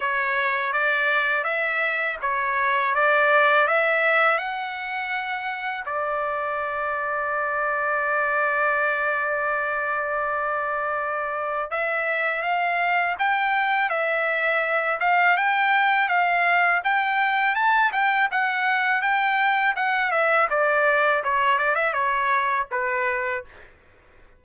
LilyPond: \new Staff \with { instrumentName = "trumpet" } { \time 4/4 \tempo 4 = 82 cis''4 d''4 e''4 cis''4 | d''4 e''4 fis''2 | d''1~ | d''1 |
e''4 f''4 g''4 e''4~ | e''8 f''8 g''4 f''4 g''4 | a''8 g''8 fis''4 g''4 fis''8 e''8 | d''4 cis''8 d''16 e''16 cis''4 b'4 | }